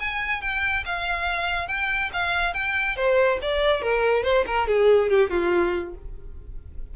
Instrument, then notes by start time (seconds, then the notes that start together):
violin
0.00 G#5
0.42 G5
0.85 F5
1.68 G5
2.13 F5
2.54 G5
2.96 C5
3.42 D5
3.82 A#4
4.24 C5
4.47 A#4
4.68 G#4
5.10 G4
5.30 F4